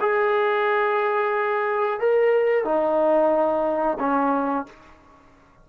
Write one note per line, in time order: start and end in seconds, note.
0.00 2.00 G#4
2.00 2.65 A#4
2.65 3.98 D#4
3.99 4.66 C#4